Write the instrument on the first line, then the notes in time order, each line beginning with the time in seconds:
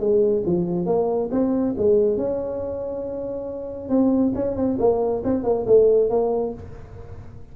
tuba
0.00 G#3
0.46 F3
0.86 A#3
1.32 C4
1.78 G#3
2.17 C#4
3.89 C4
4.35 C#4
4.57 C4
4.79 A#3
5.25 C4
5.44 A#3
5.67 A3
6.10 A#3